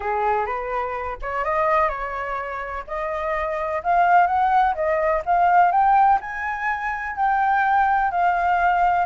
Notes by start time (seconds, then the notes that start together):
0.00 G#4
0.45 B4
1.21 C#5
1.44 D#5
1.89 C#5
2.87 D#5
3.83 F5
4.26 F#5
4.74 D#5
5.25 F5
5.71 G5
6.21 G#5
7.16 G5
8.11 F5